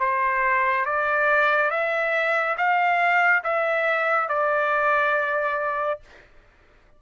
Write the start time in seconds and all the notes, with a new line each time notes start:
0.00 C5
0.86 D5
1.71 E5
2.58 F5
3.44 E5
4.29 D5